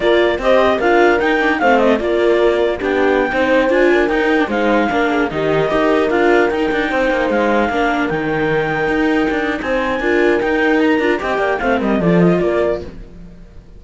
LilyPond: <<
  \new Staff \with { instrumentName = "clarinet" } { \time 4/4 \tempo 4 = 150 d''4 dis''4 f''4 g''4 | f''8 dis''8 d''2 g''4~ | g''4~ g''16 gis''4 g''4 f''8.~ | f''4~ f''16 dis''2 f''8.~ |
f''16 g''2 f''4.~ f''16~ | f''16 g''2.~ g''8. | gis''2 g''4 ais''4 | g''4 f''8 dis''8 d''8 dis''8 d''4 | }
  \new Staff \with { instrumentName = "horn" } { \time 4/4 ais'4 c''4 ais'2 | c''4 ais'2 g'4~ | g'16 c''4. ais'4. c''8.~ | c''16 ais'8 gis'8 g'4 ais'4.~ ais'16~ |
ais'4~ ais'16 c''2 ais'8.~ | ais'1 | c''4 ais'2. | dis''8 d''8 c''8 ais'8 a'4 ais'4 | }
  \new Staff \with { instrumentName = "viola" } { \time 4/4 f'4 g'4 f'4 dis'8 d'8 | c'4 f'2 d'4~ | d'16 dis'4 f'4 dis'8. d'16 dis'8.~ | dis'16 d'4 dis'4 g'4 f'8.~ |
f'16 dis'2. d'8.~ | d'16 dis'2.~ dis'8.~ | dis'4 f'4 dis'4. f'8 | g'4 c'4 f'2 | }
  \new Staff \with { instrumentName = "cello" } { \time 4/4 ais4 c'4 d'4 dis'4 | a4 ais2 b4~ | b16 c'4 d'4 dis'4 gis8.~ | gis16 ais4 dis4 dis'4 d'8.~ |
d'16 dis'8 d'8 c'8 ais8 gis4 ais8.~ | ais16 dis2 dis'4 d'8. | c'4 d'4 dis'4. d'8 | c'8 ais8 a8 g8 f4 ais4 | }
>>